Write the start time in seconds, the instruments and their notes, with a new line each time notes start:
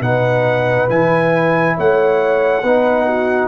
0.00 tuba B2, trombone D#4, horn B4, trumpet F#5
0.88 tuba E3, trombone E4, trumpet G#5
1.77 tuba A3, horn C#5, trumpet F#5
2.62 tuba B3, trombone D#4, horn B4
3.06 horn F#4